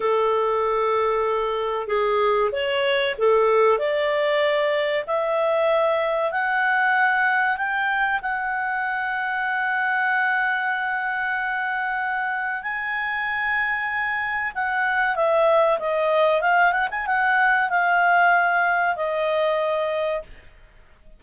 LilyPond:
\new Staff \with { instrumentName = "clarinet" } { \time 4/4 \tempo 4 = 95 a'2. gis'4 | cis''4 a'4 d''2 | e''2 fis''2 | g''4 fis''2.~ |
fis''1 | gis''2. fis''4 | e''4 dis''4 f''8 fis''16 gis''16 fis''4 | f''2 dis''2 | }